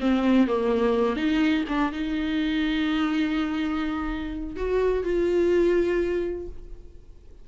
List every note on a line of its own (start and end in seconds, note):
0.00 0.47 C4
0.47 1.16 A#3
1.16 1.64 D#4
1.68 1.92 D4
1.92 4.56 D#4
4.56 5.04 F#4
5.04 6.48 F4